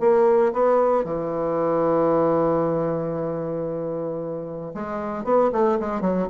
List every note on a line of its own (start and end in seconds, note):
0.00 0.53 A#3
0.53 1.04 B3
1.04 4.73 E3
4.74 5.24 G#3
5.24 5.51 B3
5.52 5.78 A3
5.80 6.01 G#3
6.01 6.27 F#3